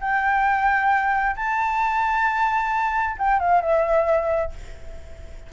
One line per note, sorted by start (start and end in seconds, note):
0.00 1.35 G5
1.36 3.16 A5
3.18 3.39 G5
3.39 3.61 F5
3.61 4.51 E5